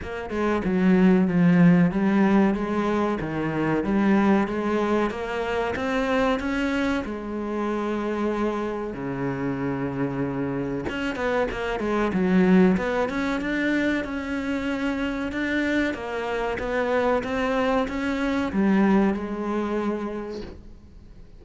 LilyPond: \new Staff \with { instrumentName = "cello" } { \time 4/4 \tempo 4 = 94 ais8 gis8 fis4 f4 g4 | gis4 dis4 g4 gis4 | ais4 c'4 cis'4 gis4~ | gis2 cis2~ |
cis4 cis'8 b8 ais8 gis8 fis4 | b8 cis'8 d'4 cis'2 | d'4 ais4 b4 c'4 | cis'4 g4 gis2 | }